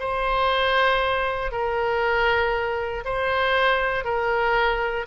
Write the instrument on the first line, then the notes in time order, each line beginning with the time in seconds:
oboe
0.00 C5
1.52 A#4
3.05 C5
4.05 A#4